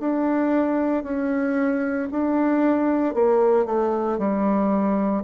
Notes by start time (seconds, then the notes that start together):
0.00 D4
1.04 C#4
2.11 D4
3.14 A#3
3.66 A3
4.19 G3